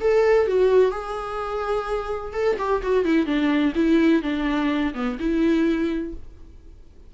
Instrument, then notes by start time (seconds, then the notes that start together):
viola
0.00 A4
0.47 F#4
0.91 G#4
2.33 A4
2.58 G4
2.82 F#4
3.05 E4
3.26 D4
3.75 E4
4.22 D4
4.94 B3
5.19 E4